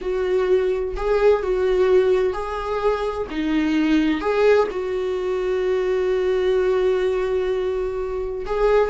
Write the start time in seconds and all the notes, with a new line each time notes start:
0.01 F#4
0.96 G#4
1.42 F#4
2.33 G#4
3.30 D#4
4.20 G#4
4.70 F#4
8.45 G#4